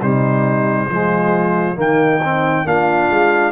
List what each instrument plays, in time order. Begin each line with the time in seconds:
0.00 tuba C3, trombone G3, horn D#4, trumpet C5
0.89 tuba F3, trombone G#3, horn F4
1.75 tuba D#3, trombone A#3, horn D#4, trumpet G5
2.24 trombone C4
2.65 tuba A#3, trombone D4, horn F4, trumpet F5
3.09 tuba G#3